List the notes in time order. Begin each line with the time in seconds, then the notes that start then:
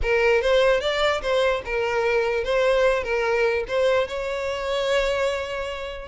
0.02 A#4
0.41 C5
0.80 D5
1.21 C5
1.65 A#4
2.44 C5
3.03 A#4
3.68 C5
4.07 C#5